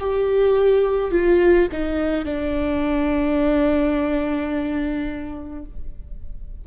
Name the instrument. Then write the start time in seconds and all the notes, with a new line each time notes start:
viola
0.00 G4
1.12 F4
1.72 D#4
2.25 D4